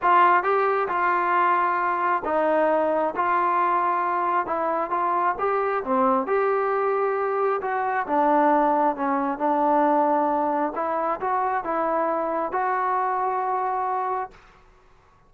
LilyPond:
\new Staff \with { instrumentName = "trombone" } { \time 4/4 \tempo 4 = 134 f'4 g'4 f'2~ | f'4 dis'2 f'4~ | f'2 e'4 f'4 | g'4 c'4 g'2~ |
g'4 fis'4 d'2 | cis'4 d'2. | e'4 fis'4 e'2 | fis'1 | }